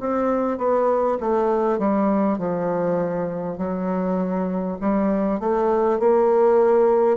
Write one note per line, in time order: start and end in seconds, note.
0.00 0.58 C4
0.58 1.18 B3
1.20 1.78 A3
1.78 2.38 G3
2.38 3.58 F3
3.58 4.78 F#3
4.81 5.40 G3
5.40 5.99 A3
5.99 7.17 A#3